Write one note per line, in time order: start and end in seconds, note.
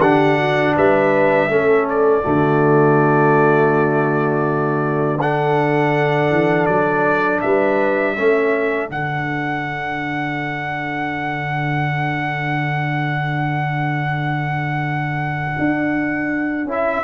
0.00 0.76 D3
0.00 1.49 D4
0.00 0.37 G4
0.00 0.75 F#5
0.37 0.74 F#4
0.76 1.48 G3
0.76 1.50 B4
0.76 1.88 E5
1.48 2.22 A3
1.48 2.22 C#4
1.48 2.24 A4
1.89 5.21 D5
2.22 6.30 D3
2.22 5.18 A3
2.22 5.20 F#4
5.21 8.16 D4
5.21 7.44 A4
5.21 6.65 F#5
6.30 6.67 E3
6.65 7.42 F#3
6.65 7.39 D5
7.40 8.17 G3
7.40 8.16 B4
7.40 8.89 E5
8.16 8.89 A3
8.16 8.88 C#4
8.16 17.04 A4
8.88 15.56 D3
8.88 16.66 D4
8.88 16.68 F#5
15.58 16.65 D4
16.65 17.02 C#4
16.65 17.04 E4
16.71 17.04 E5